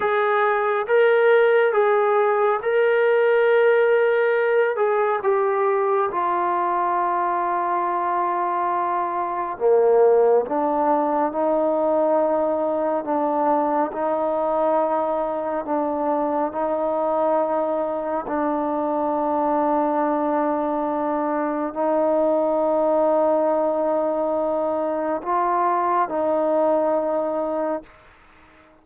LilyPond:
\new Staff \with { instrumentName = "trombone" } { \time 4/4 \tempo 4 = 69 gis'4 ais'4 gis'4 ais'4~ | ais'4. gis'8 g'4 f'4~ | f'2. ais4 | d'4 dis'2 d'4 |
dis'2 d'4 dis'4~ | dis'4 d'2.~ | d'4 dis'2.~ | dis'4 f'4 dis'2 | }